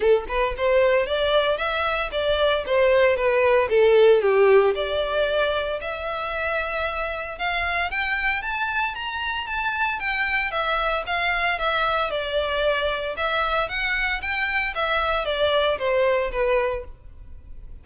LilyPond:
\new Staff \with { instrumentName = "violin" } { \time 4/4 \tempo 4 = 114 a'8 b'8 c''4 d''4 e''4 | d''4 c''4 b'4 a'4 | g'4 d''2 e''4~ | e''2 f''4 g''4 |
a''4 ais''4 a''4 g''4 | e''4 f''4 e''4 d''4~ | d''4 e''4 fis''4 g''4 | e''4 d''4 c''4 b'4 | }